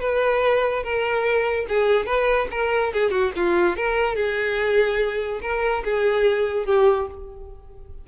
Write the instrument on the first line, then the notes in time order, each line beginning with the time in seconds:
violin
0.00 B4
0.83 A#4
1.68 G#4
2.06 B4
2.51 A#4
2.93 G#4
3.11 F#4
3.36 F4
3.76 A#4
4.16 G#4
5.42 A#4
5.85 G#4
6.66 G4